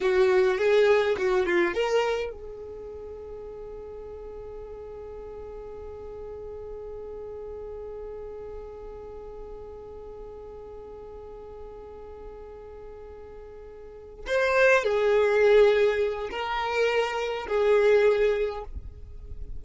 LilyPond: \new Staff \with { instrumentName = "violin" } { \time 4/4 \tempo 4 = 103 fis'4 gis'4 fis'8 f'8 ais'4 | gis'1~ | gis'1~ | gis'1~ |
gis'1~ | gis'1~ | gis'8 c''4 gis'2~ gis'8 | ais'2 gis'2 | }